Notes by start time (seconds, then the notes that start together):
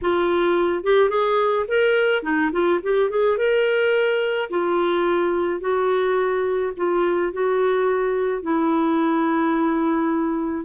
0.01 F4
0.83 G4
1.09 G#4
1.67 A#4
2.22 D#4
2.52 F4
2.82 G4
3.10 G#4
3.37 A#4
4.50 F4
5.60 F#4
6.76 F4
7.33 F#4
8.42 E4